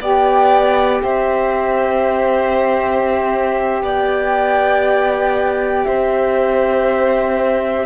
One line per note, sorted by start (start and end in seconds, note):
0.00 1.02 B3
0.00 7.85 G4
0.00 1.02 D5
0.00 1.03 G5
1.03 3.82 C4
1.03 3.82 C5
1.03 3.82 E5
3.82 5.85 B3
3.82 5.86 D5
3.82 5.84 G5
5.84 7.85 C4
5.84 7.85 C5
5.84 7.85 E5